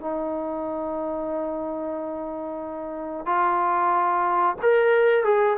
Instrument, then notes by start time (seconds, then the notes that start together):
trombone
0.00 D#4
3.25 F4
4.62 A#4
5.24 G#4